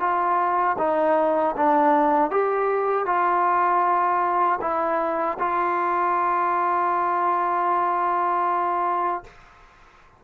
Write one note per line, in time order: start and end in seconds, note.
0.00 0.77 F4
0.79 1.56 D#4
1.57 2.31 D4
2.31 3.06 G4
3.06 4.59 F4
4.61 5.38 E4
5.39 9.24 F4